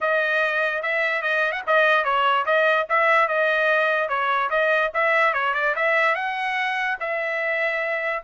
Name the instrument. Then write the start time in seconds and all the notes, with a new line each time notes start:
trumpet
0.00 D#5
0.82 E5
1.21 D#5
1.51 F#5
1.66 D#5
2.04 C#5
2.45 D#5
2.89 E5
3.28 D#5
4.08 C#5
4.50 D#5
4.94 E5
5.33 C#5
5.54 D5
5.75 E5
6.15 F#5
7.00 E5